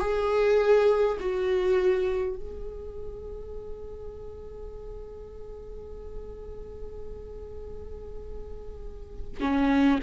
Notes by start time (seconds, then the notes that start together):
0.00 G#4
1.20 F#4
2.36 G#4
9.41 C#4